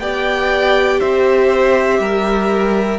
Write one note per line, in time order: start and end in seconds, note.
0.00 1.00 B3
0.00 2.99 G4
0.00 1.00 D5
0.00 1.00 G5
1.00 2.00 C4
1.00 2.00 C5
1.00 2.99 E5
2.00 2.99 G3
2.00 2.99 A#4